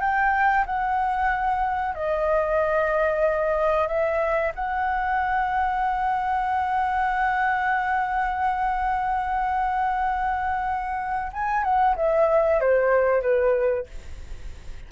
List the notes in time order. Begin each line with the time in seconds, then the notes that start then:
0.00 G5
0.66 F#5
1.95 D#5
3.87 E5
4.55 F#5
11.33 G#5
11.63 F#5
11.96 E5
12.60 C5
13.22 B4